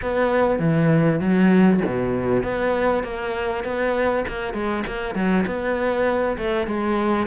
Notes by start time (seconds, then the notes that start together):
0.02 B3
0.59 E3
1.20 F#3
1.86 B2
2.43 B3
3.03 A#3
3.64 B3
4.28 A#3
4.53 G#3
4.87 A#3
5.14 F#3
5.46 B3
6.37 A3
6.66 G#3